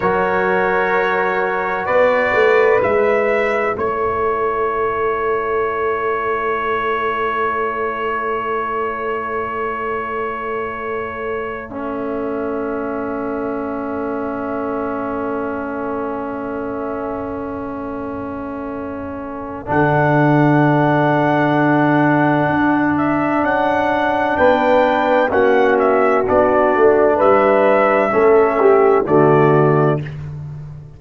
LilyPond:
<<
  \new Staff \with { instrumentName = "trumpet" } { \time 4/4 \tempo 4 = 64 cis''2 d''4 e''4 | cis''1~ | cis''1~ | cis''8 e''2.~ e''8~ |
e''1~ | e''4 fis''2.~ | fis''8 e''8 fis''4 g''4 fis''8 e''8 | d''4 e''2 d''4 | }
  \new Staff \with { instrumentName = "horn" } { \time 4/4 ais'2 b'2 | a'1~ | a'1~ | a'1~ |
a'1~ | a'1~ | a'2 b'4 fis'4~ | fis'4 b'4 a'8 g'8 fis'4 | }
  \new Staff \with { instrumentName = "trombone" } { \time 4/4 fis'2. e'4~ | e'1~ | e'1~ | e'8 cis'2.~ cis'8~ |
cis'1~ | cis'4 d'2.~ | d'2. cis'4 | d'2 cis'4 a4 | }
  \new Staff \with { instrumentName = "tuba" } { \time 4/4 fis2 b8 a8 gis4 | a1~ | a1~ | a1~ |
a1~ | a4 d2. | d'4 cis'4 b4 ais4 | b8 a8 g4 a4 d4 | }
>>